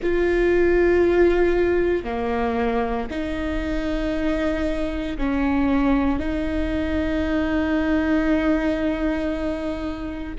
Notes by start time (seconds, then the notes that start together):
0.02 F4
2.04 A#3
3.10 D#4
5.17 C#4
6.19 D#4